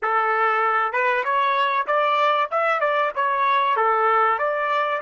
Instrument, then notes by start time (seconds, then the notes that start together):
trumpet
0.02 A4
0.92 B4
1.24 C#5
1.87 D5
2.50 E5
2.80 D5
3.15 C#5
3.76 A4
4.38 D5